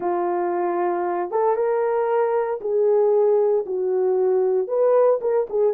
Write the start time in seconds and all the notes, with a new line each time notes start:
0.00 F4
1.30 A4
1.55 A#4
2.60 G#4
3.66 F#4
4.67 B4
5.21 A#4
5.49 G#4